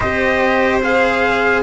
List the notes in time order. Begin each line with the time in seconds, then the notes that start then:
0.00 C4 G4 C5 D#5
0.82 G#4 F5